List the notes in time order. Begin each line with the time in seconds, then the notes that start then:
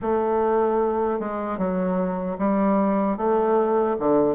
0.01 A3
1.19 G#3
1.58 F#3
2.38 G3
3.17 A3
3.99 D3